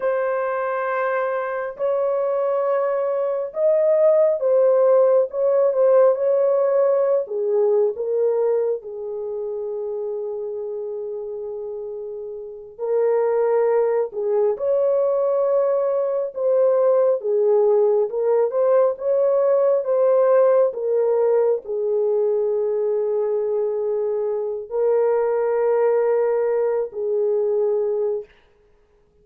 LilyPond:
\new Staff \with { instrumentName = "horn" } { \time 4/4 \tempo 4 = 68 c''2 cis''2 | dis''4 c''4 cis''8 c''8 cis''4~ | cis''16 gis'8. ais'4 gis'2~ | gis'2~ gis'8 ais'4. |
gis'8 cis''2 c''4 gis'8~ | gis'8 ais'8 c''8 cis''4 c''4 ais'8~ | ais'8 gis'2.~ gis'8 | ais'2~ ais'8 gis'4. | }